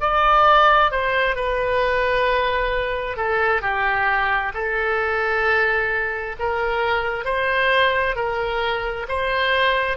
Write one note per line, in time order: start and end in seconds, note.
0.00 0.91 D5
0.91 1.35 C5
1.35 3.17 B4
3.17 3.61 A4
3.61 4.52 G4
4.54 6.36 A4
6.39 7.24 A#4
7.24 8.15 C5
8.15 9.06 A#4
9.08 9.97 C5